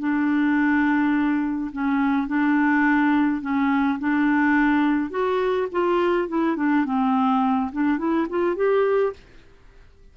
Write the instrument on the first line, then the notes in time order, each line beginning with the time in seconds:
clarinet
0.00 D4
1.72 C#4
2.28 D4
3.42 C#4
3.99 D4
5.11 F#4
5.72 F4
6.28 E4
6.57 D4
6.85 C4
7.72 D4
7.99 E4
8.30 F4
8.56 G4